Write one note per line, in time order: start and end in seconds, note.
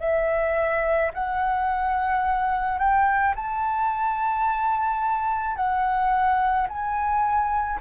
0.00 1.11 E5
1.14 2.79 F#5
2.79 3.35 G5
3.35 5.57 A5
5.57 6.68 F#5
6.69 7.80 G#5